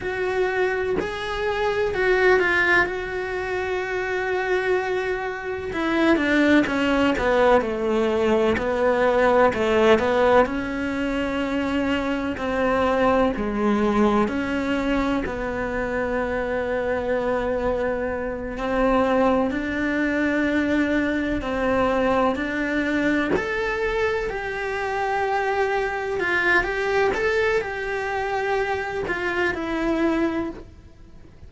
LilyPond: \new Staff \with { instrumentName = "cello" } { \time 4/4 \tempo 4 = 63 fis'4 gis'4 fis'8 f'8 fis'4~ | fis'2 e'8 d'8 cis'8 b8 | a4 b4 a8 b8 cis'4~ | cis'4 c'4 gis4 cis'4 |
b2.~ b8 c'8~ | c'8 d'2 c'4 d'8~ | d'8 a'4 g'2 f'8 | g'8 a'8 g'4. f'8 e'4 | }